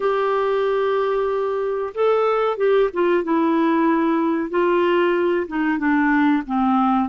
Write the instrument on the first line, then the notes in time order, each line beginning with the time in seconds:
clarinet
0.00 G4
1.94 A4
2.57 G4
2.93 F4
3.23 E4
4.50 F4
5.47 D#4
5.78 D4
6.46 C4